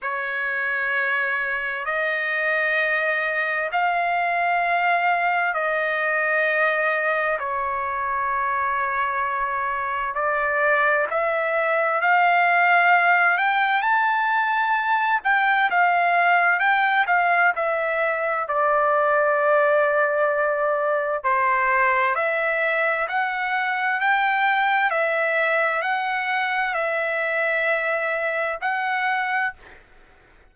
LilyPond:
\new Staff \with { instrumentName = "trumpet" } { \time 4/4 \tempo 4 = 65 cis''2 dis''2 | f''2 dis''2 | cis''2. d''4 | e''4 f''4. g''8 a''4~ |
a''8 g''8 f''4 g''8 f''8 e''4 | d''2. c''4 | e''4 fis''4 g''4 e''4 | fis''4 e''2 fis''4 | }